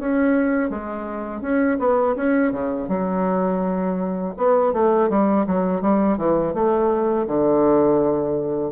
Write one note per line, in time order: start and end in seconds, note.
0.00 0.70 C#4
0.70 1.42 G#3
1.42 1.78 C#4
1.79 2.16 B3
2.16 2.52 C#4
2.52 2.88 C#3
2.88 4.35 F#3
4.38 4.74 B3
4.74 5.10 A3
5.10 5.46 G3
5.47 5.82 F#3
5.82 6.18 G3
6.18 6.54 E3
6.54 7.27 A3
7.27 8.72 D3